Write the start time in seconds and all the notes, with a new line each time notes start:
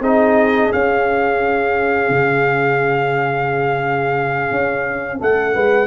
0.00 C4 D#4 G#4 D#5
0.72 C#4 F5
2.09 C#3
4.50 C#4
5.19 A3 A4 F#5
5.54 G#3 B4